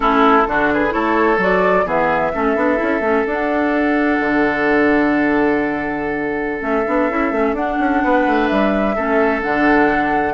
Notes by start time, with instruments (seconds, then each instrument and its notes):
0.00 bassoon A3, clarinet C#4, oboe E4, flute A4
0.46 bassoon D3, clarinet D4, oboe F#4
0.73 oboe G#4, flute B4
0.89 bassoon A3, clarinet E4, oboe A4, flute C#5
1.37 bassoon F#3, clarinet F#4, flute D5
1.85 bassoon E3, clarinet B3, oboe G#4, flute E5
2.33 bassoon A3, clarinet C#4, oboe A4
2.55 bassoon B3, clarinet D4
2.76 bassoon C#4, clarinet E4
3.00 bassoon A3, clarinet C#4
3.26 bassoon D4, clarinet D4, flute F#5
4.20 bassoon D3
6.59 bassoon A3, clarinet C#4, flute E5
6.86 bassoon B3, clarinet D4
7.10 bassoon C#4, clarinet E4
7.31 bassoon A3, clarinet C#4
7.53 bassoon D4, clarinet D4, flute F#5
7.79 bassoon C#4
8.03 bassoon B3, oboe B4
8.26 bassoon A3
8.47 bassoon G3, flute E5
8.95 bassoon A3, clarinet C#4, oboe A4
9.42 bassoon D3, clarinet D4, flute F#5